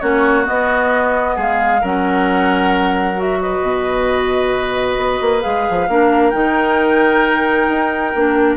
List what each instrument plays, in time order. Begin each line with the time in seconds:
0.00 bassoon A#3, clarinet C#4, oboe F#4, flute C#5
0.44 clarinet B3, bassoon B3, flute D#5
1.36 bassoon G#3, oboe G#4, flute F5
1.81 bassoon F#3, clarinet C#4, oboe A#4, flute F#5
3.16 clarinet F#4, flute E5
3.42 oboe B4, flute D#5
3.62 bassoon B2
4.97 bassoon B3
5.21 bassoon A#3
5.41 bassoon G#3, clarinet G#4, flute F5
5.70 bassoon F3
5.88 bassoon A#3, clarinet D4, oboe A#4
6.30 bassoon D#3, clarinet D#4, flute G5
7.69 bassoon D#4
8.15 bassoon A#3, clarinet D4